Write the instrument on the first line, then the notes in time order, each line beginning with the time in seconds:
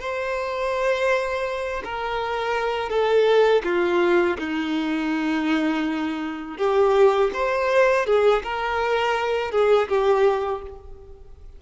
violin
0.00 C5
1.84 A#4
2.89 A4
3.64 F4
4.39 D#4
6.58 G4
7.34 C5
8.06 G#4
8.43 A#4
9.52 G#4
9.89 G4